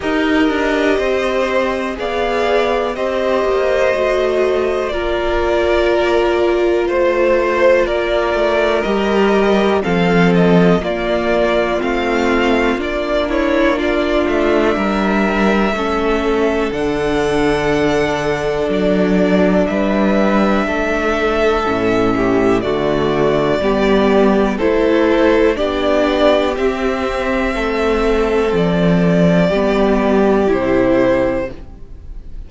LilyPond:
<<
  \new Staff \with { instrumentName = "violin" } { \time 4/4 \tempo 4 = 61 dis''2 f''4 dis''4~ | dis''4 d''2 c''4 | d''4 dis''4 f''8 dis''8 d''4 | f''4 d''8 cis''8 d''8 e''4.~ |
e''4 fis''2 d''4 | e''2. d''4~ | d''4 c''4 d''4 e''4~ | e''4 d''2 c''4 | }
  \new Staff \with { instrumentName = "violin" } { \time 4/4 ais'4 c''4 d''4 c''4~ | c''4 ais'2 c''4 | ais'2 a'4 f'4~ | f'4. e'8 f'4 ais'4 |
a'1 | b'4 a'4. g'8 fis'4 | g'4 a'4 g'2 | a'2 g'2 | }
  \new Staff \with { instrumentName = "viola" } { \time 4/4 g'2 gis'4 g'4 | fis'4 f'2.~ | f'4 g'4 c'4 ais4 | c'4 d'2. |
cis'4 d'2.~ | d'2 cis'4 a4 | b4 e'4 d'4 c'4~ | c'2 b4 e'4 | }
  \new Staff \with { instrumentName = "cello" } { \time 4/4 dis'8 d'8 c'4 b4 c'8 ais8 | a4 ais2 a4 | ais8 a8 g4 f4 ais4 | a4 ais4. a8 g4 |
a4 d2 fis4 | g4 a4 a,4 d4 | g4 a4 b4 c'4 | a4 f4 g4 c4 | }
>>